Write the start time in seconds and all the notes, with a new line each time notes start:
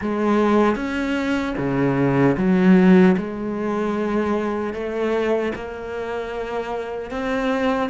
0.01 G#3
0.75 C#4
1.57 C#3
2.37 F#3
3.17 G#3
4.73 A3
5.55 A#3
7.11 C4